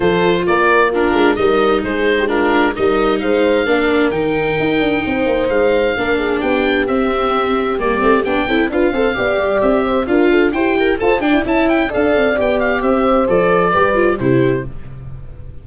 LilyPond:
<<
  \new Staff \with { instrumentName = "oboe" } { \time 4/4 \tempo 4 = 131 c''4 d''4 ais'4 dis''4 | c''4 ais'4 dis''4 f''4~ | f''4 g''2. | f''2 g''4 e''4~ |
e''4 d''4 g''4 f''4~ | f''4 e''4 f''4 g''4 | a''8 g''8 a''8 g''8 f''4 g''8 f''8 | e''4 d''2 c''4 | }
  \new Staff \with { instrumentName = "horn" } { \time 4/4 a'4 ais'4 f'4 ais'4 | gis'8. g'16 f'4 ais'4 c''4 | ais'2. c''4~ | c''4 ais'8 gis'8 g'2~ |
g'2~ g'8 a'8 b'8 c''8 | d''4. c''8 ais'8 a'8 g'4 | c''8 d''8 e''4 d''2 | c''2 b'4 g'4 | }
  \new Staff \with { instrumentName = "viola" } { \time 4/4 f'2 d'4 dis'4~ | dis'4 d'4 dis'2 | d'4 dis'2.~ | dis'4 d'2 c'4~ |
c'4 ais8 c'8 d'8 e'8 f'8 a'8 | g'2 f'4 c''8 ais'8 | a'8 d'8 e'4 a'4 g'4~ | g'4 a'4 g'8 f'8 e'4 | }
  \new Staff \with { instrumentName = "tuba" } { \time 4/4 f4 ais4. gis8 g4 | gis2 g4 gis4 | ais4 dis4 dis'8 d'8 c'8 ais8 | gis4 ais4 b4 c'4~ |
c'4 g8 a8 b8 c'8 d'8 c'8 | b8 g8 c'4 d'4 e'4 | f'8 d'16 e'16 cis'4 d'8 c'8 b4 | c'4 f4 g4 c4 | }
>>